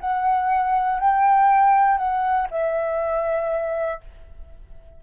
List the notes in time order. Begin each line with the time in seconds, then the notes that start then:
0.00 F#5
0.99 G5
1.98 F#5
2.50 E5